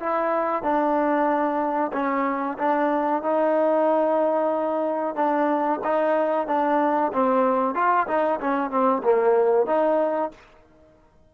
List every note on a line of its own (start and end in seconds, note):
0.00 0.63 E4
0.63 1.92 D4
1.93 2.58 C#4
2.59 3.23 D4
3.23 5.16 D#4
5.16 5.80 D4
5.84 6.48 D#4
6.48 7.12 D4
7.13 7.75 C4
7.75 8.07 F4
8.08 8.40 D#4
8.40 8.70 C#4
8.70 9.03 C4
9.04 9.67 A#3
9.67 10.31 D#4